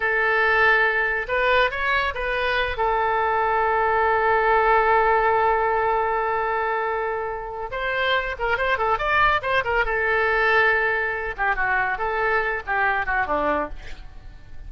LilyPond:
\new Staff \with { instrumentName = "oboe" } { \time 4/4 \tempo 4 = 140 a'2. b'4 | cis''4 b'4. a'4.~ | a'1~ | a'1~ |
a'2 c''4. ais'8 | c''8 a'8 d''4 c''8 ais'8 a'4~ | a'2~ a'8 g'8 fis'4 | a'4. g'4 fis'8 d'4 | }